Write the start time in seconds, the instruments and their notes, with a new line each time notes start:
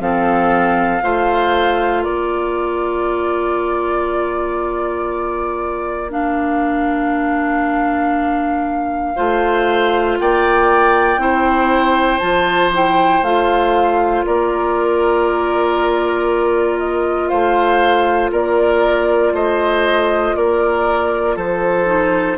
0.00 bassoon F3, clarinet C4, oboe A4, flute F5
1.02 bassoon A3, clarinet F4, oboe C5
2.03 bassoon A#3, oboe A#4, flute D5
6.10 clarinet D4, flute F5
9.16 bassoon A3, clarinet F4, oboe C5
10.19 bassoon A#3, oboe D5, flute G5
11.17 bassoon C4, clarinet E4, oboe C5
12.19 bassoon F3, clarinet F4, flute A5
12.73 clarinet E4, flute G5
13.22 bassoon A3, clarinet F4, flute F5
14.26 bassoon A#3, oboe A#4, flute D5
16.79 flute D#5
17.28 bassoon A3, oboe C5, flute F5
18.32 bassoon A#3, oboe A#4, flute D5
19.33 bassoon A3, oboe C5, flute D#5
20.36 bassoon A#3, oboe A#4, flute D5
21.36 bassoon F3, oboe A4, flute C5
21.86 clarinet D#4